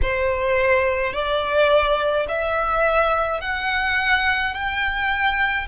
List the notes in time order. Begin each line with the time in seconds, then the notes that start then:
0.02 C5
1.13 D5
2.28 E5
3.40 F#5
4.54 G5